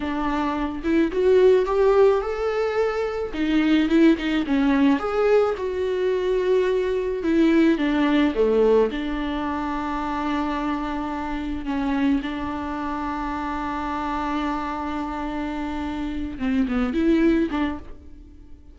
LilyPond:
\new Staff \with { instrumentName = "viola" } { \time 4/4 \tempo 4 = 108 d'4. e'8 fis'4 g'4 | a'2 dis'4 e'8 dis'8 | cis'4 gis'4 fis'2~ | fis'4 e'4 d'4 a4 |
d'1~ | d'4 cis'4 d'2~ | d'1~ | d'4. c'8 b8 e'4 d'8 | }